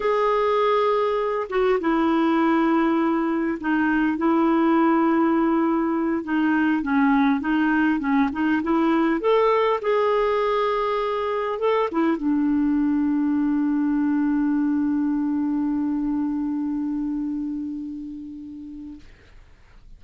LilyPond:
\new Staff \with { instrumentName = "clarinet" } { \time 4/4 \tempo 4 = 101 gis'2~ gis'8 fis'8 e'4~ | e'2 dis'4 e'4~ | e'2~ e'8 dis'4 cis'8~ | cis'8 dis'4 cis'8 dis'8 e'4 a'8~ |
a'8 gis'2. a'8 | e'8 d'2.~ d'8~ | d'1~ | d'1 | }